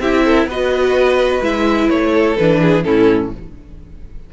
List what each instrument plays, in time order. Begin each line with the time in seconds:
0.00 cello C4, viola E4, violin G4 E5
0.25 violin A4
0.46 cello B3, viola F#4, violin B4 D#5
1.42 cello G#3, viola E4, violin E5
1.90 cello A3, violin C#5
2.13 violin A4
2.37 cello E3, viola D4, violin B4
2.61 violin G#4
2.84 cello A2, viola C#4, violin E4 A4